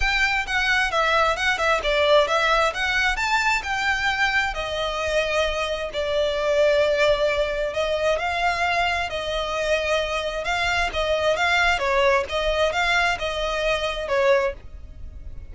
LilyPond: \new Staff \with { instrumentName = "violin" } { \time 4/4 \tempo 4 = 132 g''4 fis''4 e''4 fis''8 e''8 | d''4 e''4 fis''4 a''4 | g''2 dis''2~ | dis''4 d''2.~ |
d''4 dis''4 f''2 | dis''2. f''4 | dis''4 f''4 cis''4 dis''4 | f''4 dis''2 cis''4 | }